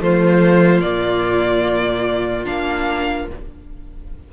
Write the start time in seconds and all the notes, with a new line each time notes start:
0.00 F3 A3 F4 C5
0.81 A#2 A#3 D5
2.46 A#3 D4 F5